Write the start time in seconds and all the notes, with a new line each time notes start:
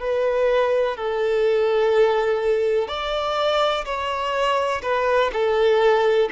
0.00 B4
0.97 A4
2.88 D5
3.85 C#5
4.82 B4
5.32 A4